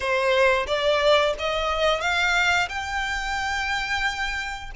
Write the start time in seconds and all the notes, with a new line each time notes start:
0.00 C5
0.66 D5
1.38 D#5
2.00 F5
2.68 G5